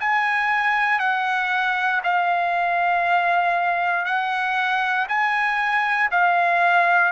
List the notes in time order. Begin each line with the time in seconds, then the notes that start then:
0.00 G#5
0.99 F#5
2.03 F5
4.05 F#5
5.08 G#5
6.11 F5